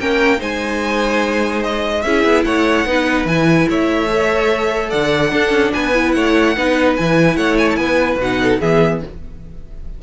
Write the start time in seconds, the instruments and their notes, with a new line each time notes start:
0.00 cello A#3, viola C#4, violin A#4 G5
0.38 cello G#3, viola D#4, violin C5 G#5
1.63 violin D#5
2.02 cello C#4, viola E4, violin G#4 E5
2.24 cello B3
2.45 cello A3, violin C#5 F#5
2.86 cello B3, viola D#4, violin B4
3.25 cello E3, viola E4, violin G#5
3.69 cello A3, violin C#5 E5
4.09 viola A4
4.90 cello D3, violin D5 F#5
5.31 viola D4, cello D4, violin A4
5.51 cello C#4
5.73 cello B3, violin B4 G#5
5.94 viola E4
6.12 cello A3, violin C#5 F#5
6.57 cello B3, viola D#4, violin B4
6.97 cello E3, viola E4, violin G#5
7.37 cello A3, violin C#5 F#5
7.59 violin G#5
7.71 cello B3, violin G#5 A5
7.80 violin B4
8.16 cello B2, viola D#4, violin F#5
8.43 violin A4
8.61 cello E3, viola B3, violin G#4 E5